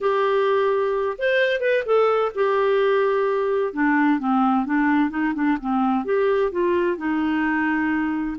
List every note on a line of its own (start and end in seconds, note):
0.00 1.17 G4
1.18 1.60 C5
1.60 1.83 B4
1.85 2.32 A4
2.35 3.73 G4
3.73 4.19 D4
4.19 4.65 C4
4.65 5.10 D4
5.10 5.33 D#4
5.34 5.57 D4
5.60 6.05 C4
6.05 6.51 G4
6.51 6.97 F4
6.97 8.37 D#4